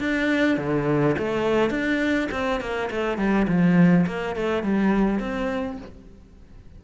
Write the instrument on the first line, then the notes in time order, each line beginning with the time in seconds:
cello
0.00 D4
0.58 D3
1.19 A3
1.71 D4
2.32 C4
2.61 A#3
2.91 A3
3.18 G3
3.48 F3
4.07 A#3
4.36 A3
4.63 G3
5.20 C4